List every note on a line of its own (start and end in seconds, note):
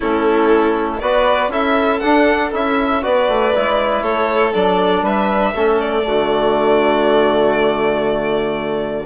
0.00 1.01 A3
0.00 1.01 C#4
0.00 1.00 E4
0.00 0.99 A4
0.99 1.48 B3
0.99 1.51 F#4
0.99 1.51 B4
0.99 1.50 D5
1.48 1.98 C#4
1.48 2.01 E4
1.48 3.02 A4
1.48 1.99 E5
1.99 2.52 D4
1.99 2.53 D4
1.99 2.50 F#5
2.52 3.03 C#4
2.52 3.02 E4
2.52 3.03 E5
3.02 3.28 B3
3.02 3.52 F#4
3.02 4.03 B4
3.02 4.03 D5
3.28 3.53 A3
3.54 4.02 G#3
3.54 4.53 E4
4.02 4.52 A3
4.02 5.03 A4
4.02 4.53 C#5
4.53 5.02 F#3
4.53 5.53 D4
4.53 5.05 D5
5.02 5.52 G3
5.02 5.53 B4
5.02 5.80 E5
5.54 6.05 A3
5.54 6.02 C#4
5.54 6.06 A4
5.80 9.06 D5
6.02 9.06 D3
6.02 9.05 A3
6.02 9.06 F#4